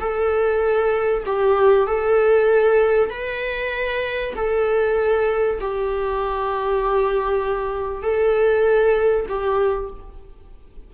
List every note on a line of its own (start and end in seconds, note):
0.00 1.24 A4
1.26 1.87 G4
1.87 3.10 A4
3.10 4.34 B4
4.36 5.60 A4
5.61 8.02 G4
8.02 9.26 A4
9.28 9.90 G4